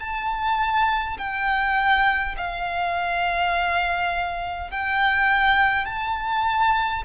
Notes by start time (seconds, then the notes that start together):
0.00 A5
1.18 G5
2.37 F5
4.71 G5
5.86 A5